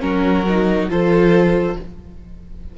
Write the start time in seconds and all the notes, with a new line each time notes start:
0.00 F#3 C#4 F#4 A#4
0.49 D#4
0.89 F3 F4 A4 C5